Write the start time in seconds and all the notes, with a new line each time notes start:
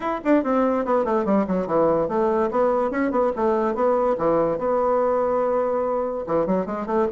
0.00 E4
0.24 D4
0.43 C4
0.85 B3
1.04 A3
1.25 G3
1.47 F#3
1.66 E3
2.08 A3
2.50 B3
2.91 C#4
3.11 B3
3.36 A3
3.74 B3
4.18 E3
4.58 B3
6.26 E3
6.46 F#3
6.66 G#3
6.86 A3